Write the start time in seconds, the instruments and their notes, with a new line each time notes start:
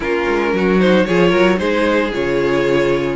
0.00 cello A#3, viola C#4, violin F4 A#4
0.27 cello G#3
0.53 cello F#3, violin F#4
0.79 viola D#4, violin C5
1.05 cello F3, viola F4, violin G#4 C#5
1.29 cello F#3, violin A#4
1.57 cello G#3, viola D#4, violin G#4 C5
2.13 cello C#3, viola F4, violin C#5